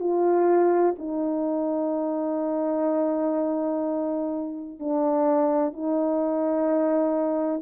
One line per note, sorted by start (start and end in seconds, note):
0.00 0.95 F4
0.98 4.79 D#4
4.80 5.73 D4
5.73 7.62 D#4